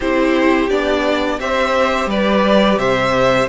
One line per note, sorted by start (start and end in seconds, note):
0.00 0.69 C4
0.00 0.70 E4
0.00 1.37 G4
0.00 0.69 C5
0.69 1.39 B3
0.69 1.39 D4
0.69 1.39 D5
1.39 2.06 C4
1.39 3.48 G4
1.39 2.09 C5
1.39 2.09 E5
2.06 2.76 G3
2.06 2.79 B4
2.06 2.78 D5
2.77 3.47 C3
2.77 3.48 C5
2.77 3.48 E5